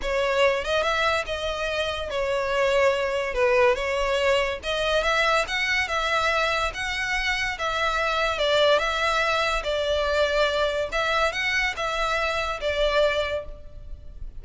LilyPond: \new Staff \with { instrumentName = "violin" } { \time 4/4 \tempo 4 = 143 cis''4. dis''8 e''4 dis''4~ | dis''4 cis''2. | b'4 cis''2 dis''4 | e''4 fis''4 e''2 |
fis''2 e''2 | d''4 e''2 d''4~ | d''2 e''4 fis''4 | e''2 d''2 | }